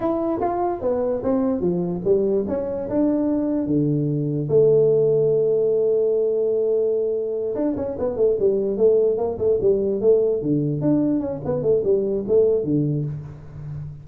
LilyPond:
\new Staff \with { instrumentName = "tuba" } { \time 4/4 \tempo 4 = 147 e'4 f'4 b4 c'4 | f4 g4 cis'4 d'4~ | d'4 d2 a4~ | a1~ |
a2~ a8 d'8 cis'8 b8 | a8 g4 a4 ais8 a8 g8~ | g8 a4 d4 d'4 cis'8 | b8 a8 g4 a4 d4 | }